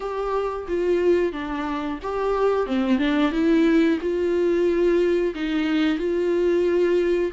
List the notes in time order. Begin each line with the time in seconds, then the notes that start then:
0.00 G4
0.68 F4
1.32 D4
2.02 G4
2.66 C4
2.98 D4
3.32 E4
4.00 F4
5.35 D#4
5.98 F4